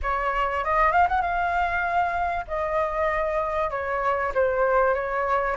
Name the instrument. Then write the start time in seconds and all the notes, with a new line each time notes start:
flute
0.02 C#5
0.64 D#5
0.92 F5
1.08 F#5
1.21 F5
2.47 D#5
3.70 C#5
4.34 C5
4.94 C#5